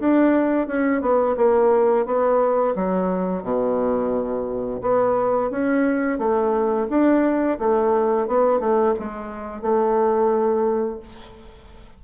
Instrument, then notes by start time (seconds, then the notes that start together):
bassoon
0.00 D4
0.68 C#4
1.02 B3
1.37 A#3
2.06 B3
2.76 F#3
3.43 B2
4.82 B3
5.51 C#4
6.19 A3
6.90 D4
7.59 A3
8.28 B3
8.60 A3
8.99 G#3
9.62 A3